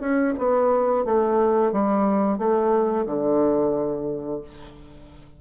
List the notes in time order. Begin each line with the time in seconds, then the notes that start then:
0.00 C#4
0.38 B3
1.05 A3
1.72 G3
2.38 A3
3.06 D3